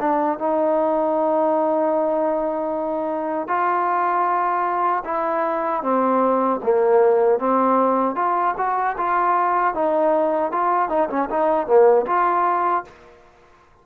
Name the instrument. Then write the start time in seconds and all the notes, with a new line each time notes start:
trombone
0.00 D4
0.39 D#4
3.48 F4
5.05 E4
5.83 C4
6.63 A#3
7.39 C4
8.16 F4
8.57 F#4
8.98 F4
9.74 D#4
10.52 F4
10.89 D#4
11.10 C#4
11.30 D#4
11.67 A#3
12.06 F4